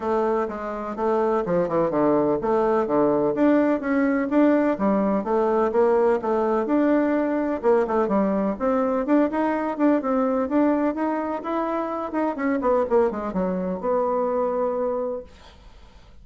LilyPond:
\new Staff \with { instrumentName = "bassoon" } { \time 4/4 \tempo 4 = 126 a4 gis4 a4 f8 e8 | d4 a4 d4 d'4 | cis'4 d'4 g4 a4 | ais4 a4 d'2 |
ais8 a8 g4 c'4 d'8 dis'8~ | dis'8 d'8 c'4 d'4 dis'4 | e'4. dis'8 cis'8 b8 ais8 gis8 | fis4 b2. | }